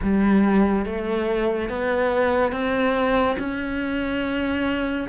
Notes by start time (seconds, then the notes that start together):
0.02 G3
0.85 A3
1.69 B3
2.52 C4
3.38 C#4